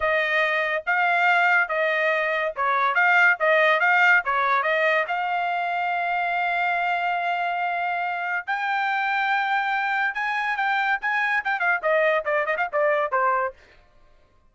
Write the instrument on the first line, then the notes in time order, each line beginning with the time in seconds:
trumpet
0.00 D#5
0.86 F5
1.68 D#5
2.56 C#5
2.94 F5
3.39 D#5
3.80 F5
4.24 C#5
4.62 D#5
5.07 F5
8.47 G5
10.14 G#5
10.56 G5
11.01 G#5
11.44 G5
11.59 F5
11.82 D#5
12.24 D5
12.46 D#5
12.57 F5
12.72 D5
13.11 C5